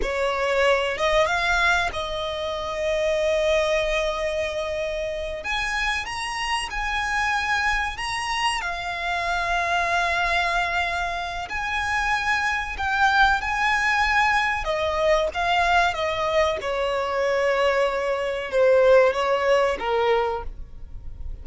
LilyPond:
\new Staff \with { instrumentName = "violin" } { \time 4/4 \tempo 4 = 94 cis''4. dis''8 f''4 dis''4~ | dis''1~ | dis''8 gis''4 ais''4 gis''4.~ | gis''8 ais''4 f''2~ f''8~ |
f''2 gis''2 | g''4 gis''2 dis''4 | f''4 dis''4 cis''2~ | cis''4 c''4 cis''4 ais'4 | }